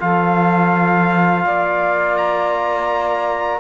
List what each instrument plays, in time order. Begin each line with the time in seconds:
0.00 cello F3, trombone F4, saxophone A4, trumpet F5
1.45 cello A#3, saxophone D5
2.17 trumpet A#5